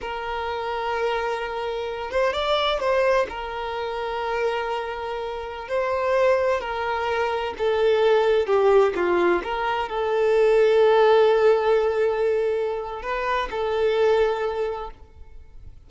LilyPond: \new Staff \with { instrumentName = "violin" } { \time 4/4 \tempo 4 = 129 ais'1~ | ais'8 c''8 d''4 c''4 ais'4~ | ais'1~ | ais'16 c''2 ais'4.~ ais'16~ |
ais'16 a'2 g'4 f'8.~ | f'16 ais'4 a'2~ a'8.~ | a'1 | b'4 a'2. | }